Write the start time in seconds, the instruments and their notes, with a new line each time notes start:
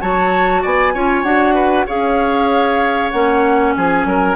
0.00 bassoon F#3, clarinet F#4, oboe C#5, flute A5
0.62 bassoon B3, oboe D5, flute G#5
0.94 bassoon C#4, clarinet F4, oboe C#5
1.23 bassoon D4, clarinet F#4, flute F#5
1.54 oboe B4
1.86 bassoon C#4, clarinet G#4, oboe C#5, flute F5
3.10 bassoon A#3, clarinet C#4, flute F#5
3.76 bassoon F3, oboe G#4, flute G#5
4.05 bassoon F#3, oboe A#4